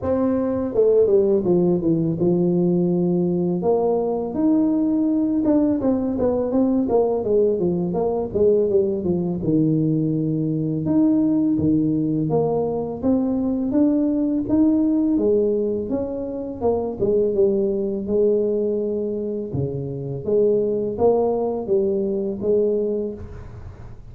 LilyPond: \new Staff \with { instrumentName = "tuba" } { \time 4/4 \tempo 4 = 83 c'4 a8 g8 f8 e8 f4~ | f4 ais4 dis'4. d'8 | c'8 b8 c'8 ais8 gis8 f8 ais8 gis8 | g8 f8 dis2 dis'4 |
dis4 ais4 c'4 d'4 | dis'4 gis4 cis'4 ais8 gis8 | g4 gis2 cis4 | gis4 ais4 g4 gis4 | }